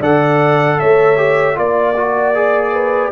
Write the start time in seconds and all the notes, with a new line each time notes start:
0.00 D3 A4 D5 F#5
0.80 A3 C#5 E5
1.17 G4
1.55 A#3 F4 D5
1.96 F#4
2.35 G#4
2.73 B4